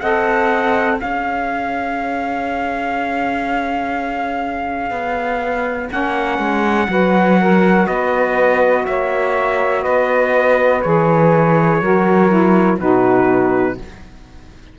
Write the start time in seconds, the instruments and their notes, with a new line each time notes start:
0.00 cello C4, saxophone A4 D#5, trumpet F#5
0.96 saxophone G#4 C#5, trumpet F5
1.03 cello C#4
4.91 cello B3
5.88 cello A#3, saxophone C#4, trumpet F#5
6.39 cello G#3
6.88 cello F#3, saxophone F#4 B4
7.40 saxophone A#4
7.87 cello B3, saxophone B4, trumpet D#5
8.86 cello A#3, saxophone C#5, trumpet E5
9.82 cello B3, saxophone B4, trumpet D#5
10.82 cello E3, saxophone G#4, trumpet C#5
11.81 cello F#3, saxophone F#4 A#4
12.29 saxophone E4
12.79 cello B2, saxophone D#4 F#4, trumpet B4